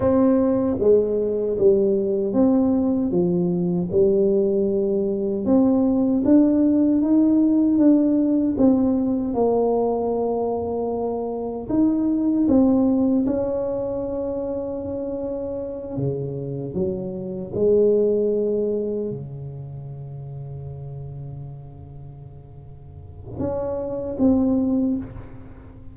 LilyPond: \new Staff \with { instrumentName = "tuba" } { \time 4/4 \tempo 4 = 77 c'4 gis4 g4 c'4 | f4 g2 c'4 | d'4 dis'4 d'4 c'4 | ais2. dis'4 |
c'4 cis'2.~ | cis'8 cis4 fis4 gis4.~ | gis8 cis2.~ cis8~ | cis2 cis'4 c'4 | }